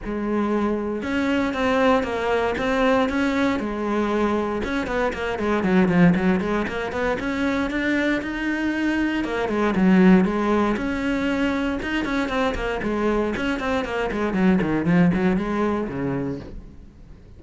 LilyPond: \new Staff \with { instrumentName = "cello" } { \time 4/4 \tempo 4 = 117 gis2 cis'4 c'4 | ais4 c'4 cis'4 gis4~ | gis4 cis'8 b8 ais8 gis8 fis8 f8 | fis8 gis8 ais8 b8 cis'4 d'4 |
dis'2 ais8 gis8 fis4 | gis4 cis'2 dis'8 cis'8 | c'8 ais8 gis4 cis'8 c'8 ais8 gis8 | fis8 dis8 f8 fis8 gis4 cis4 | }